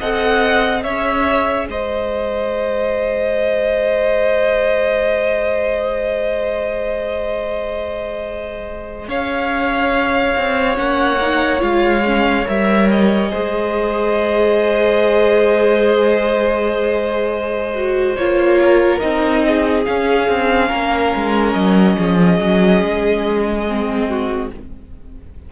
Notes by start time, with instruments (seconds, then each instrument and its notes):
0.00 cello C4, viola A4, violin D#5 F#5
0.83 cello C#4, viola G#4, violin C#5 E5
1.69 cello G#3, violin C5 D#5
9.09 cello C#4, violin C#5 F5
10.37 cello C4
10.76 cello A#3, viola C#4, violin F#5
11.21 viola D#4
11.59 cello G#3, viola F4, violin F5
12.06 viola C#4
12.45 cello G3, viola A#4, violin E5
12.91 violin D#5
13.29 cello G#3, viola G#4, violin C5
17.75 viola F#4
18.17 cello A#3, viola F4, violin C#5
18.62 violin A#4
19.00 cello C4, viola D#4, violin D#5
19.47 violin G#4
19.85 viola C#4, cello C#4, violin F5
20.29 cello C4
20.69 cello A#3, violin A#4
21.15 cello G#3
21.53 cello F#3, violin D#5
21.98 cello F3, violin G#4
22.40 cello F#3
22.82 cello G#3
23.68 viola C4
24.09 violin F#4